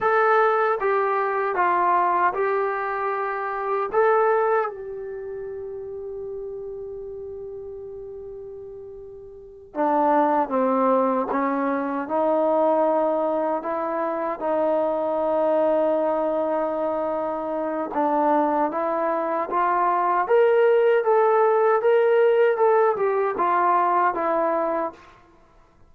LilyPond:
\new Staff \with { instrumentName = "trombone" } { \time 4/4 \tempo 4 = 77 a'4 g'4 f'4 g'4~ | g'4 a'4 g'2~ | g'1~ | g'8 d'4 c'4 cis'4 dis'8~ |
dis'4. e'4 dis'4.~ | dis'2. d'4 | e'4 f'4 ais'4 a'4 | ais'4 a'8 g'8 f'4 e'4 | }